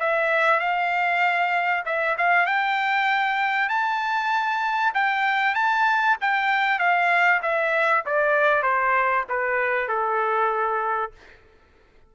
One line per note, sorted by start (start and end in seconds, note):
0.00 0.60 E5
0.60 1.84 F5
1.85 2.16 E5
2.18 2.46 F5
2.46 3.69 G5
3.69 4.93 A5
4.94 5.55 G5
5.55 6.17 A5
6.21 6.79 G5
6.79 7.41 F5
7.42 8.04 E5
8.06 8.63 D5
8.63 9.24 C5
9.29 9.88 B4
9.88 11.12 A4